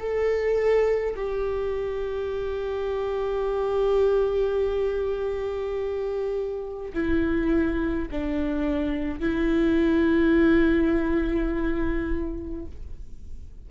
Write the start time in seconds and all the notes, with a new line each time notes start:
0.00 A4
1.16 G4
6.93 E4
8.11 D4
9.20 E4